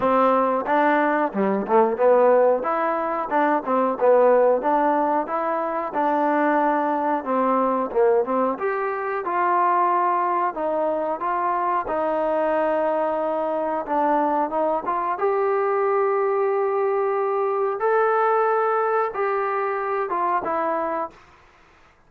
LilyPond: \new Staff \with { instrumentName = "trombone" } { \time 4/4 \tempo 4 = 91 c'4 d'4 g8 a8 b4 | e'4 d'8 c'8 b4 d'4 | e'4 d'2 c'4 | ais8 c'8 g'4 f'2 |
dis'4 f'4 dis'2~ | dis'4 d'4 dis'8 f'8 g'4~ | g'2. a'4~ | a'4 g'4. f'8 e'4 | }